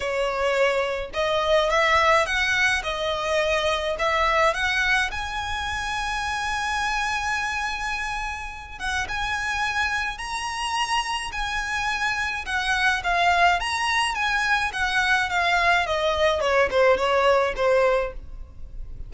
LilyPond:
\new Staff \with { instrumentName = "violin" } { \time 4/4 \tempo 4 = 106 cis''2 dis''4 e''4 | fis''4 dis''2 e''4 | fis''4 gis''2.~ | gis''2.~ gis''8 fis''8 |
gis''2 ais''2 | gis''2 fis''4 f''4 | ais''4 gis''4 fis''4 f''4 | dis''4 cis''8 c''8 cis''4 c''4 | }